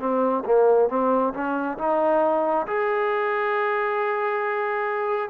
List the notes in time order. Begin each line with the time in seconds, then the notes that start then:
0.00 C4
0.46 A#3
0.89 C4
1.34 C#4
1.78 D#4
2.67 G#4